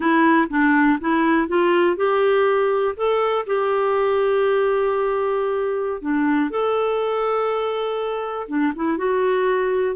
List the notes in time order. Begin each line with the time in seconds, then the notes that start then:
0.00 E4
0.49 D4
1.00 E4
1.48 F4
1.96 G4
2.96 A4
3.46 G4
6.01 D4
6.50 A4
8.48 D4
8.75 E4
8.97 F#4